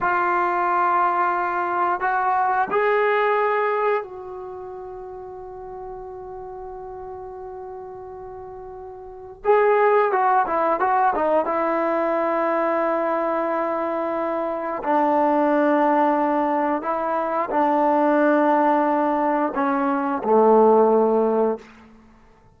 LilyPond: \new Staff \with { instrumentName = "trombone" } { \time 4/4 \tempo 4 = 89 f'2. fis'4 | gis'2 fis'2~ | fis'1~ | fis'2 gis'4 fis'8 e'8 |
fis'8 dis'8 e'2.~ | e'2 d'2~ | d'4 e'4 d'2~ | d'4 cis'4 a2 | }